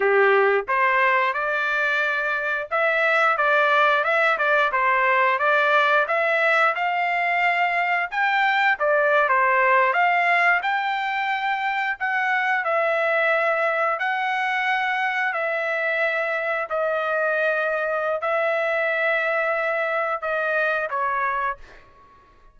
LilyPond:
\new Staff \with { instrumentName = "trumpet" } { \time 4/4 \tempo 4 = 89 g'4 c''4 d''2 | e''4 d''4 e''8 d''8 c''4 | d''4 e''4 f''2 | g''4 d''8. c''4 f''4 g''16~ |
g''4.~ g''16 fis''4 e''4~ e''16~ | e''8. fis''2 e''4~ e''16~ | e''8. dis''2~ dis''16 e''4~ | e''2 dis''4 cis''4 | }